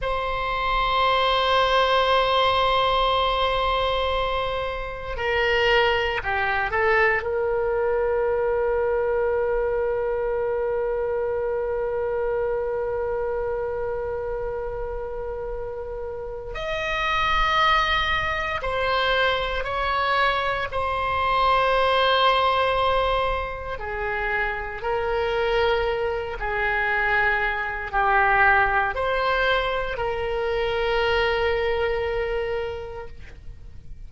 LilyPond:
\new Staff \with { instrumentName = "oboe" } { \time 4/4 \tempo 4 = 58 c''1~ | c''4 ais'4 g'8 a'8 ais'4~ | ais'1~ | ais'1 |
dis''2 c''4 cis''4 | c''2. gis'4 | ais'4. gis'4. g'4 | c''4 ais'2. | }